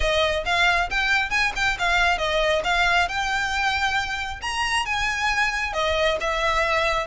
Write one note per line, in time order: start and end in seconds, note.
0.00 0.44 D#5
0.45 0.89 F5
0.90 1.30 G5
1.30 1.52 G#5
1.55 1.77 G5
1.78 2.18 F5
2.18 2.62 D#5
2.64 3.08 F5
3.08 4.40 G5
4.41 4.85 A#5
4.85 5.73 G#5
5.73 6.17 D#5
6.20 7.06 E5